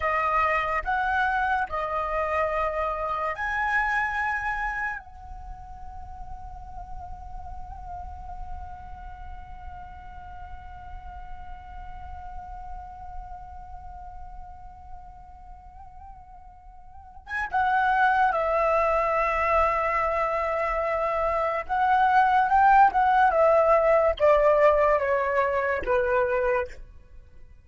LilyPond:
\new Staff \with { instrumentName = "flute" } { \time 4/4 \tempo 4 = 72 dis''4 fis''4 dis''2 | gis''2 fis''2~ | fis''1~ | fis''1~ |
fis''1~ | fis''8. gis''16 fis''4 e''2~ | e''2 fis''4 g''8 fis''8 | e''4 d''4 cis''4 b'4 | }